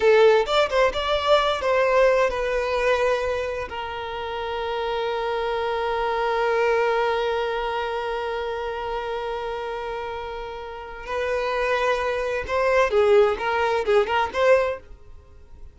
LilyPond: \new Staff \with { instrumentName = "violin" } { \time 4/4 \tempo 4 = 130 a'4 d''8 c''8 d''4. c''8~ | c''4 b'2. | ais'1~ | ais'1~ |
ais'1~ | ais'1 | b'2. c''4 | gis'4 ais'4 gis'8 ais'8 c''4 | }